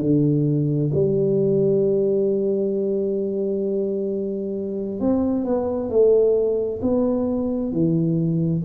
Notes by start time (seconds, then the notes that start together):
0.00 D3
0.94 G3
5.00 C4
5.45 B3
5.90 A3
6.82 B3
7.73 E3